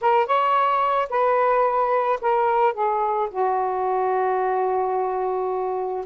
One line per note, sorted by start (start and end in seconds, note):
0.01 0.26 A#4
0.26 1.08 C#5
1.09 2.19 B4
2.21 2.73 A#4
2.73 3.28 G#4
3.30 6.06 F#4